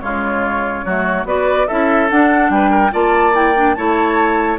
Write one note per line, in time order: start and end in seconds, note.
0.00 0.85 C#3
0.00 0.84 G#3
0.00 0.85 F4
0.00 1.25 C#5
0.85 1.24 F#3
0.85 1.26 A3
0.85 1.27 F#4
1.24 1.66 B3
1.24 1.68 F#4
1.24 1.67 B4
1.24 1.67 D5
1.67 2.11 C#4
1.67 2.10 E4
1.67 2.51 A4
1.67 2.09 E5
2.10 2.91 D4
2.10 2.49 D4
2.10 2.51 F#5
2.49 2.91 G3
2.49 2.70 B4
2.49 2.93 G5
2.70 2.91 A#4
2.91 3.77 A#3
2.91 3.33 F4
2.91 3.76 D5
2.91 3.35 A5
3.33 3.53 E4
3.33 3.74 G5
3.55 3.76 D4
3.74 4.58 A3
3.74 4.58 E4
3.74 4.58 C#5
3.74 4.58 A5